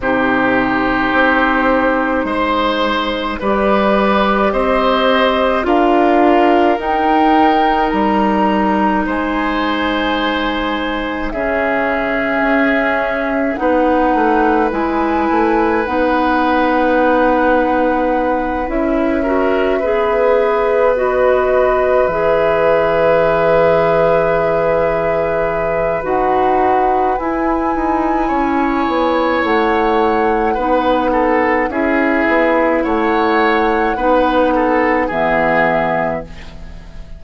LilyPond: <<
  \new Staff \with { instrumentName = "flute" } { \time 4/4 \tempo 4 = 53 c''2. d''4 | dis''4 f''4 g''4 ais''4 | gis''2 e''2 | fis''4 gis''4 fis''2~ |
fis''8 e''2 dis''4 e''8~ | e''2. fis''4 | gis''2 fis''2 | e''4 fis''2 e''4 | }
  \new Staff \with { instrumentName = "oboe" } { \time 4/4 g'2 c''4 b'4 | c''4 ais'2. | c''2 gis'2 | b'1~ |
b'4 ais'8 b'2~ b'8~ | b'1~ | b'4 cis''2 b'8 a'8 | gis'4 cis''4 b'8 a'8 gis'4 | }
  \new Staff \with { instrumentName = "clarinet" } { \time 4/4 dis'2. g'4~ | g'4 f'4 dis'2~ | dis'2 cis'2 | dis'4 e'4 dis'2~ |
dis'8 e'8 fis'8 gis'4 fis'4 gis'8~ | gis'2. fis'4 | e'2. dis'4 | e'2 dis'4 b4 | }
  \new Staff \with { instrumentName = "bassoon" } { \time 4/4 c4 c'4 gis4 g4 | c'4 d'4 dis'4 g4 | gis2 cis4 cis'4 | b8 a8 gis8 a8 b2~ |
b8 cis'4 b2 e8~ | e2. dis'4 | e'8 dis'8 cis'8 b8 a4 b4 | cis'8 b8 a4 b4 e4 | }
>>